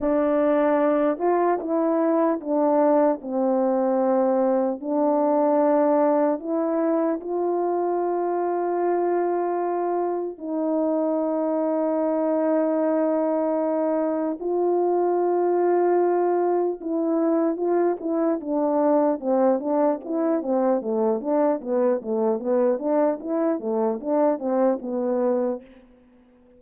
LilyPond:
\new Staff \with { instrumentName = "horn" } { \time 4/4 \tempo 4 = 75 d'4. f'8 e'4 d'4 | c'2 d'2 | e'4 f'2.~ | f'4 dis'2.~ |
dis'2 f'2~ | f'4 e'4 f'8 e'8 d'4 | c'8 d'8 e'8 c'8 a8 d'8 b8 a8 | b8 d'8 e'8 a8 d'8 c'8 b4 | }